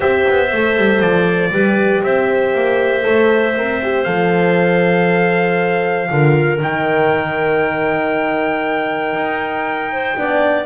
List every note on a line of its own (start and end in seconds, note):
0.00 0.24 C4
0.00 0.49 G4
0.00 1.49 C5
0.00 1.01 E5
0.29 0.52 B3
0.52 0.76 A3
0.52 1.54 A4
0.76 1.00 G3
1.00 1.50 F3
1.00 2.02 D5
1.51 2.02 G3
1.51 3.02 G4
1.51 2.03 B4
2.03 2.54 C4
2.03 6.10 C5
2.03 4.03 E5
2.54 3.05 A#3
3.02 3.56 A3
3.02 3.53 A4
3.56 4.06 C4
3.56 3.81 A#4
3.82 4.06 G4
4.03 6.10 F3
4.03 6.09 A4
4.03 6.58 F5
6.10 6.60 D3
6.10 6.60 F4
6.10 9.92 A#4
6.60 9.14 D#3
6.60 10.15 D#4
6.60 10.65 G5
9.14 10.15 D#4
9.92 10.17 C5
10.15 10.65 B3
10.15 10.65 D4
10.15 10.65 D5